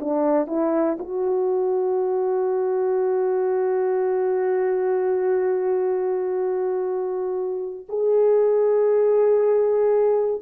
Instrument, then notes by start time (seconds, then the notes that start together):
horn
0.00 D4
0.47 E4
0.99 F#4
7.89 G#4